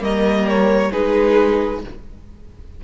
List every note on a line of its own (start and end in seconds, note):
0.00 0.90 G3
0.00 0.90 A#3
0.00 0.91 A#4
0.00 0.48 D#5
0.48 0.92 C#5
0.91 1.84 G#3
0.91 1.81 D#4
0.91 1.80 G#4
0.91 1.81 B4